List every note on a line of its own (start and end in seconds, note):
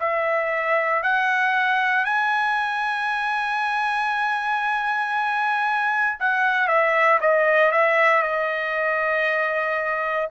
0.00 1.03 E5
1.03 2.05 F#5
2.05 6.18 G#5
6.19 6.67 F#5
6.67 7.19 E5
7.21 7.71 D#5
7.71 8.22 E5
8.22 10.29 D#5